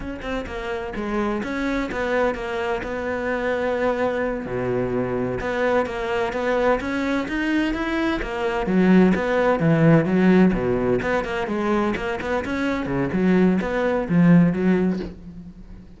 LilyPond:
\new Staff \with { instrumentName = "cello" } { \time 4/4 \tempo 4 = 128 cis'8 c'8 ais4 gis4 cis'4 | b4 ais4 b2~ | b4. b,2 b8~ | b8 ais4 b4 cis'4 dis'8~ |
dis'8 e'4 ais4 fis4 b8~ | b8 e4 fis4 b,4 b8 | ais8 gis4 ais8 b8 cis'4 cis8 | fis4 b4 f4 fis4 | }